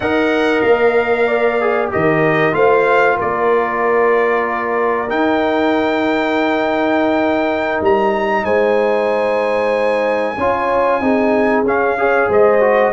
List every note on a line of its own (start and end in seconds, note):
0.00 0.63 D#4
0.00 1.61 A#4
0.00 1.27 D#5
0.00 0.61 F#5
0.61 1.91 A#3
0.61 1.89 F5
1.27 1.91 D5
1.61 1.90 G#4
1.90 2.52 D#3
1.90 2.52 G4
1.90 2.55 A#4
1.90 2.54 D#5
2.52 3.16 A3
2.52 5.07 F4
2.52 3.16 C5
2.52 3.18 F5
3.16 5.09 A#3
3.16 8.42 A#4
3.16 5.09 D5
5.09 7.80 D#4
5.09 10.36 D#4
5.09 7.81 G5
7.80 8.43 G3
7.80 8.45 A#5
8.43 10.35 G#3
8.43 10.36 C5
8.43 11.64 G#5
10.37 11.00 C#4
10.37 11.01 F4
10.37 11.01 C#5
11.00 11.63 C4
11.00 11.64 D#4
11.00 11.98 G#4
11.63 12.27 C#4
11.63 11.98 C#4
11.63 12.31 F5
11.98 12.60 G#4
11.98 12.29 C#5
12.29 12.93 G#3
12.29 12.92 C5
12.29 12.93 D#5
12.60 12.92 F#4